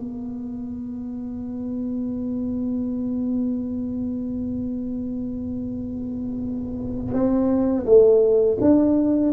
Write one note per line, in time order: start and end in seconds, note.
0.00 7.14 B3
7.14 7.85 C4
7.86 8.58 A3
8.61 9.33 D4